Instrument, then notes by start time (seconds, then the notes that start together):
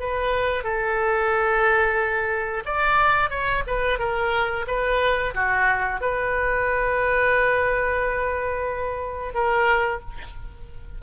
oboe
0.00 B4
0.64 A4
2.65 D5
3.30 C#5
3.67 B4
3.99 A#4
4.68 B4
5.35 F#4
6.01 B4
9.34 A#4